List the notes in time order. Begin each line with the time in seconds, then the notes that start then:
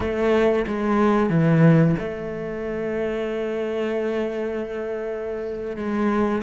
0.00 A3
0.67 G#3
1.29 E3
1.98 A3
5.76 G#3